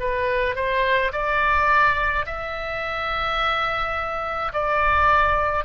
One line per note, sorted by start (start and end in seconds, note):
0.00 0.56 B4
0.56 1.12 C5
1.13 2.26 D5
2.26 4.52 E5
4.53 5.65 D5